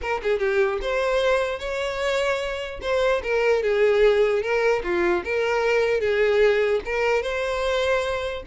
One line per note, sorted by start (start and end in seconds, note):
0.01 0.21 A#4
0.22 0.39 G#4
0.39 0.79 G4
0.81 1.59 C5
1.59 2.80 C#5
2.81 3.21 C5
3.23 3.62 A#4
3.62 4.42 G#4
4.42 4.82 A#4
4.83 5.23 F4
5.24 6.00 A#4
6.00 6.81 G#4
6.85 7.22 A#4
7.22 8.43 C5